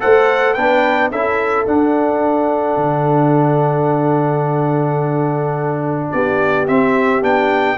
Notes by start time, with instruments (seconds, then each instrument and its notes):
0.00 tuba A3, trombone A4, horn C5, trumpet F#5
0.54 tuba B3, trombone D4, horn B4, trumpet G5
1.11 tuba C#4, trombone E4, horn A4, trumpet E5
1.67 trombone D4, tuba D4, trumpet F#5
2.77 tuba D3
6.11 tuba B3, horn G4, trumpet D5
6.68 trombone C4, tuba C4, trumpet E5
7.22 tuba B3, trombone D4, trumpet G5